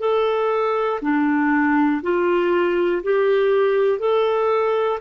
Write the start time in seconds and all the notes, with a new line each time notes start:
0.00 A4
1.02 D4
2.03 F4
3.03 G4
4.00 A4